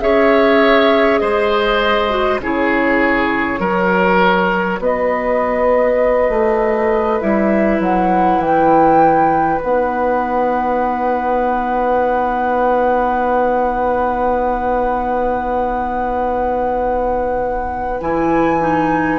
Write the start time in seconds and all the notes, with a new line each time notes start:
0.00 C#4 G#4 C#5 E5
1.18 G#3 C5 D#5
2.09 F#4
2.39 C#3 E4 G#4 C#5
3.59 F#3 F#4 A#4
4.79 B3 B4 D#5
6.29 A3
7.20 G3 E4 E5
7.79 F#3 F#5
8.38 E3 G5
9.59 B3 D#4 F#5
18.00 E3 E4 G#5
18.60 D#4